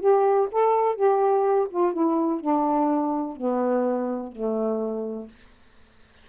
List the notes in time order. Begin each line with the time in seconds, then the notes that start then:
0.00 G4
0.51 A4
0.96 G4
1.70 F4
1.92 E4
2.40 D4
3.36 B3
4.32 A3